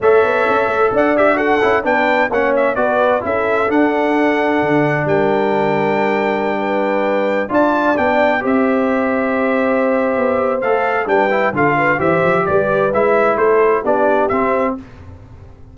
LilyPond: <<
  \new Staff \with { instrumentName = "trumpet" } { \time 4/4 \tempo 4 = 130 e''2 fis''8 e''8 fis''4 | g''4 fis''8 e''8 d''4 e''4 | fis''2. g''4~ | g''1~ |
g''16 a''4 g''4 e''4.~ e''16~ | e''2. f''4 | g''4 f''4 e''4 d''4 | e''4 c''4 d''4 e''4 | }
  \new Staff \with { instrumentName = "horn" } { \time 4/4 cis''2 d''4 a'4 | b'4 cis''4 b'4 a'4~ | a'2. ais'4~ | ais'2~ ais'16 b'4.~ b'16~ |
b'16 d''2 c''4.~ c''16~ | c''1 | b'4 a'8 b'8 c''4 b'4~ | b'4 a'4 g'2 | }
  \new Staff \with { instrumentName = "trombone" } { \time 4/4 a'2~ a'8 g'8 fis'8 e'8 | d'4 cis'4 fis'4 e'4 | d'1~ | d'1~ |
d'16 f'4 d'4 g'4.~ g'16~ | g'2. a'4 | d'8 e'8 f'4 g'2 | e'2 d'4 c'4 | }
  \new Staff \with { instrumentName = "tuba" } { \time 4/4 a8 b8 cis'8 a8 d'4. cis'8 | b4 ais4 b4 cis'4 | d'2 d4 g4~ | g1~ |
g16 d'4 b4 c'4.~ c'16~ | c'2 b4 a4 | g4 d4 e8 f8 g4 | gis4 a4 b4 c'4 | }
>>